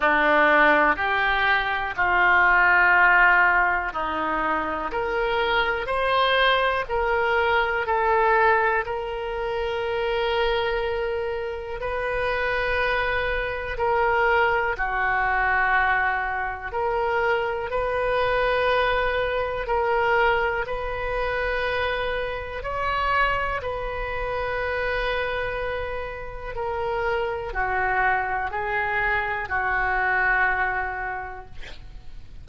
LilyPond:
\new Staff \with { instrumentName = "oboe" } { \time 4/4 \tempo 4 = 61 d'4 g'4 f'2 | dis'4 ais'4 c''4 ais'4 | a'4 ais'2. | b'2 ais'4 fis'4~ |
fis'4 ais'4 b'2 | ais'4 b'2 cis''4 | b'2. ais'4 | fis'4 gis'4 fis'2 | }